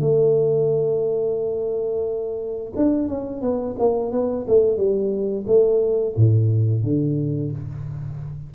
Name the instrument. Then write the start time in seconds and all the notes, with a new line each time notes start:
tuba
0.00 A3
2.76 D4
3.07 C#4
3.41 B3
3.78 A#3
4.11 B3
4.47 A3
4.77 G3
5.46 A3
6.16 A2
6.83 D3